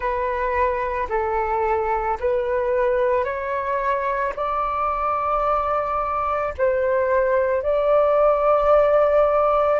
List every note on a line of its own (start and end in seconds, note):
0.00 1.07 B4
1.09 2.18 A4
2.20 3.24 B4
3.24 4.33 C#5
4.35 6.54 D5
6.57 7.62 C5
7.62 9.80 D5